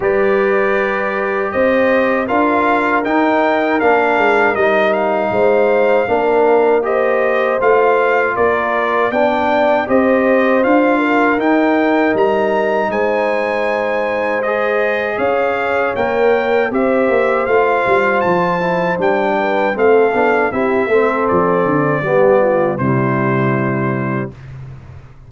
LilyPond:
<<
  \new Staff \with { instrumentName = "trumpet" } { \time 4/4 \tempo 4 = 79 d''2 dis''4 f''4 | g''4 f''4 dis''8 f''4.~ | f''4 dis''4 f''4 d''4 | g''4 dis''4 f''4 g''4 |
ais''4 gis''2 dis''4 | f''4 g''4 e''4 f''4 | a''4 g''4 f''4 e''4 | d''2 c''2 | }
  \new Staff \with { instrumentName = "horn" } { \time 4/4 b'2 c''4 ais'4~ | ais'2. c''4 | ais'4 c''2 ais'4 | d''4 c''4. ais'4.~ |
ais'4 c''2. | cis''2 c''2~ | c''4. b'8 a'4 g'8 a'8~ | a'4 g'8 f'8 e'2 | }
  \new Staff \with { instrumentName = "trombone" } { \time 4/4 g'2. f'4 | dis'4 d'4 dis'2 | d'4 g'4 f'2 | d'4 g'4 f'4 dis'4~ |
dis'2. gis'4~ | gis'4 ais'4 g'4 f'4~ | f'8 e'8 d'4 c'8 d'8 e'8 c'8~ | c'4 b4 g2 | }
  \new Staff \with { instrumentName = "tuba" } { \time 4/4 g2 c'4 d'4 | dis'4 ais8 gis8 g4 gis4 | ais2 a4 ais4 | b4 c'4 d'4 dis'4 |
g4 gis2. | cis'4 ais4 c'8 ais8 a8 g8 | f4 g4 a8 b8 c'8 a8 | f8 d8 g4 c2 | }
>>